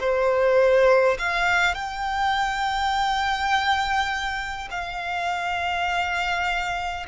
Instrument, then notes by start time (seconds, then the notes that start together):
violin
0.00 C5
1.19 F5
1.74 G5
4.71 F5